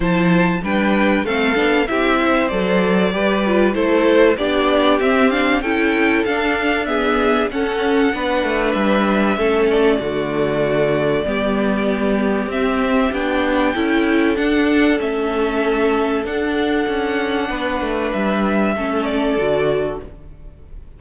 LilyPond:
<<
  \new Staff \with { instrumentName = "violin" } { \time 4/4 \tempo 4 = 96 a''4 g''4 f''4 e''4 | d''2 c''4 d''4 | e''8 f''8 g''4 f''4 e''4 | fis''2 e''4. d''8~ |
d''1 | e''4 g''2 fis''4 | e''2 fis''2~ | fis''4 e''4. d''4. | }
  \new Staff \with { instrumentName = "violin" } { \time 4/4 c''4 b'4 a'4 g'8 c''8~ | c''4 b'4 a'4 g'4~ | g'4 a'2 gis'4 | a'4 b'2 a'4 |
fis'2 g'2~ | g'2 a'2~ | a'1 | b'2 a'2 | }
  \new Staff \with { instrumentName = "viola" } { \time 4/4 e'4 d'4 c'8 d'8 e'4 | a'4 g'8 f'8 e'4 d'4 | c'8 d'8 e'4 d'4 b4 | cis'4 d'2 cis'4 |
a2 b2 | c'4 d'4 e'4 d'4 | cis'2 d'2~ | d'2 cis'4 fis'4 | }
  \new Staff \with { instrumentName = "cello" } { \time 4/4 f4 g4 a8 b8 c'4 | fis4 g4 a4 b4 | c'4 cis'4 d'2 | cis'4 b8 a8 g4 a4 |
d2 g2 | c'4 b4 cis'4 d'4 | a2 d'4 cis'4 | b8 a8 g4 a4 d4 | }
>>